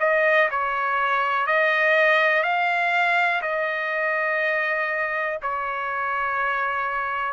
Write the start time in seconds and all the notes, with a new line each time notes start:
0.00 D#5
0.51 C#5
1.47 D#5
2.44 F5
3.42 D#5
5.43 C#5